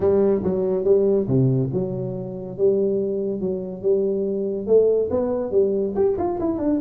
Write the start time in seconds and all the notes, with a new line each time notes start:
0.00 G3
0.43 F#3
0.84 G3
1.27 C3
1.72 F#3
2.57 G3
3.40 F#3
3.82 G3
4.66 A3
5.10 B3
5.51 G3
5.95 G4
6.17 F4
6.39 E4
6.58 D4